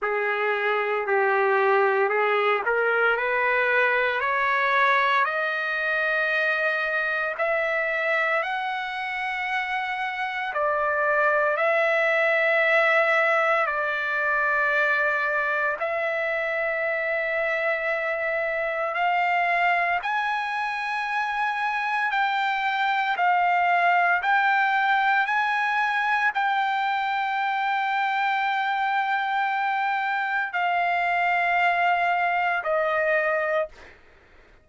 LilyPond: \new Staff \with { instrumentName = "trumpet" } { \time 4/4 \tempo 4 = 57 gis'4 g'4 gis'8 ais'8 b'4 | cis''4 dis''2 e''4 | fis''2 d''4 e''4~ | e''4 d''2 e''4~ |
e''2 f''4 gis''4~ | gis''4 g''4 f''4 g''4 | gis''4 g''2.~ | g''4 f''2 dis''4 | }